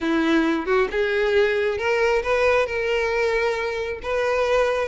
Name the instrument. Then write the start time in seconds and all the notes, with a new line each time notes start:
violin
0.00 E4
0.65 F#4
0.91 G#4
1.78 A#4
2.22 B4
2.66 A#4
4.02 B4